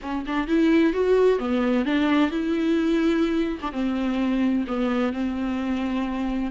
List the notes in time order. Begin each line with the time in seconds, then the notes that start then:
0.01 C#4
0.26 D4
0.47 E4
0.93 F#4
1.38 B3
1.85 D4
2.30 E4
3.61 D4
3.71 C4
4.67 B3
5.12 C4